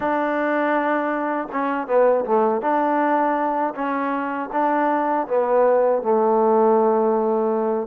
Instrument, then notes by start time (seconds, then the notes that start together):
trombone
0.00 D4
1.52 C#4
1.87 B3
2.25 A3
2.61 D4
3.74 C#4
4.52 D4
5.27 B3
6.02 A3